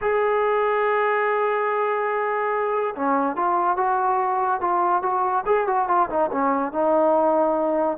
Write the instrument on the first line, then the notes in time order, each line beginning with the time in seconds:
trombone
0.01 G#4
2.95 C#4
3.36 F4
3.76 F#4
4.61 F4
5.02 F#4
5.46 G#4
5.67 F#4
5.88 F4
6.09 D#4
6.31 C#4
6.72 D#4